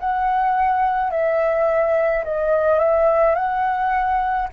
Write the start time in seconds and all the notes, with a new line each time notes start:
0.00 F#5
1.11 E5
2.24 D#5
2.79 E5
3.34 F#5